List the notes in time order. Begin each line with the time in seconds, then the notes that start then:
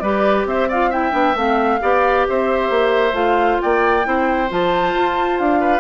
0.00 G3 G4 B4 D5
0.45 C4 C5 E5
0.68 F4 D5 F5
0.90 E4 E5 G5
1.11 B3 D4
1.35 A3 C4 F5
1.81 B3 G4 D5
2.29 C4 C5 E5
2.70 A#3
3.13 A3 F4 F5
3.61 A#3 D5 G5
4.04 C4 E4 C5
4.49 F3 F4 A5
4.95 F4
5.39 D4 F5
5.60 B4